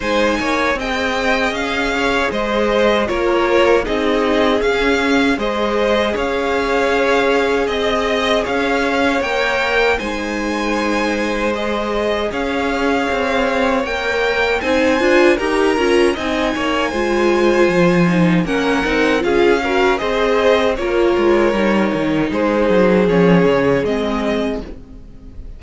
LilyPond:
<<
  \new Staff \with { instrumentName = "violin" } { \time 4/4 \tempo 4 = 78 gis''4 g''4 f''4 dis''4 | cis''4 dis''4 f''4 dis''4 | f''2 dis''4 f''4 | g''4 gis''2 dis''4 |
f''2 g''4 gis''4 | ais''4 gis''2. | fis''4 f''4 dis''4 cis''4~ | cis''4 c''4 cis''4 dis''4 | }
  \new Staff \with { instrumentName = "violin" } { \time 4/4 c''8 cis''8 dis''4. cis''8 c''4 | ais'4 gis'2 c''4 | cis''2 dis''4 cis''4~ | cis''4 c''2. |
cis''2. c''4 | ais'4 dis''8 cis''8 c''2 | ais'4 gis'8 ais'8 c''4 ais'4~ | ais'4 gis'2. | }
  \new Staff \with { instrumentName = "viola" } { \time 4/4 dis'4 gis'2. | f'4 dis'4 cis'4 gis'4~ | gis'1 | ais'4 dis'2 gis'4~ |
gis'2 ais'4 dis'8 f'8 | g'8 f'8 dis'4 f'4. dis'8 | cis'8 dis'8 f'8 fis'8 gis'4 f'4 | dis'2 cis'4 c'4 | }
  \new Staff \with { instrumentName = "cello" } { \time 4/4 gis8 ais8 c'4 cis'4 gis4 | ais4 c'4 cis'4 gis4 | cis'2 c'4 cis'4 | ais4 gis2. |
cis'4 c'4 ais4 c'8 d'8 | dis'8 cis'8 c'8 ais8 gis4 f4 | ais8 c'8 cis'4 c'4 ais8 gis8 | g8 dis8 gis8 fis8 f8 cis8 gis4 | }
>>